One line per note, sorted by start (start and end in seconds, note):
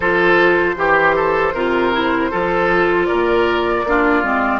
0.00 0.75 F3
0.00 0.76 F4
0.00 0.75 A4
0.00 3.06 C5
0.76 1.53 E3
0.76 1.53 G4
0.76 1.15 G4
1.15 1.54 A4
1.53 2.30 C3
1.53 1.92 F4
1.53 2.30 A#4
1.92 2.31 E4
2.30 3.10 F3
2.30 3.85 F4
2.30 3.07 A4
3.06 3.84 A#2
3.06 3.84 A#4
3.06 4.59 D5
3.84 4.22 A#3
3.84 4.23 D4
3.84 4.60 F4
4.23 4.60 G#3
4.23 4.60 C4